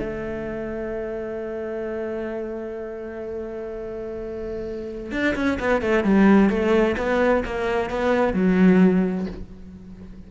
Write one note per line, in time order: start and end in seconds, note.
0.00 5.12 A3
5.12 5.35 D4
5.35 5.59 C#4
5.60 5.82 B3
5.82 6.04 A3
6.04 6.50 G3
6.50 6.96 A3
6.97 7.44 B3
7.45 7.90 A#3
7.90 8.34 B3
8.34 9.27 F#3